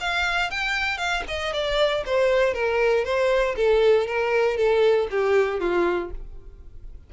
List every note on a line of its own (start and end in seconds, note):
0.00 0.50 F5
0.50 0.98 G5
0.98 1.23 F5
1.28 1.53 D#5
1.53 2.04 D5
2.06 2.54 C5
2.54 3.05 A#4
3.05 3.55 C5
3.56 4.07 A4
4.07 4.57 A#4
4.57 5.08 A4
5.11 5.60 G4
5.60 6.11 F4